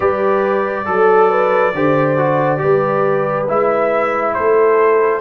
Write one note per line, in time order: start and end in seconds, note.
0.00 0.87 G3
0.00 0.85 G4
0.00 0.85 B4
0.00 3.46 D5
0.85 1.74 F#3
0.85 1.72 A4
0.85 1.29 A4
1.29 1.73 B4
1.74 2.61 D3
1.74 2.17 G4
1.74 2.61 C5
2.17 2.57 F#4
2.57 3.48 G3
2.57 3.44 G4
2.57 4.35 B4
3.48 4.35 G#3
3.48 5.20 E4
3.48 4.34 E5
4.34 5.20 A3
4.34 5.20 A4
4.34 5.20 C5